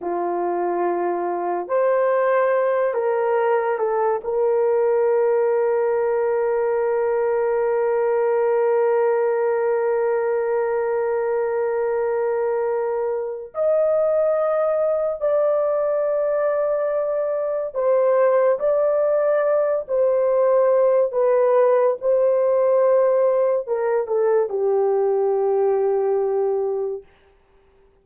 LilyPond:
\new Staff \with { instrumentName = "horn" } { \time 4/4 \tempo 4 = 71 f'2 c''4. ais'8~ | ais'8 a'8 ais'2.~ | ais'1~ | ais'1 |
dis''2 d''2~ | d''4 c''4 d''4. c''8~ | c''4 b'4 c''2 | ais'8 a'8 g'2. | }